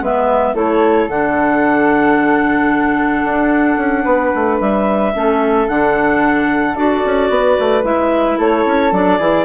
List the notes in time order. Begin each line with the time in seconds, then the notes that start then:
0.00 G#3 B3 B4 E5
0.54 A3 E4 A4 C#5
1.08 D3 D4 F#5
3.24 D4
3.77 C#4
4.04 B3 B4
4.35 A3
4.60 G3 E5
5.14 A3 C#4 A4
5.68 D3 D4 F#5
6.75 D4 F#4 D5
7.05 C#4
7.30 B3 B4
7.59 A3
7.83 G#3 E4 E5
8.38 A3 A4 C#5
8.65 C#4
8.92 F#3 D4 D5
9.18 E3 E4 G#4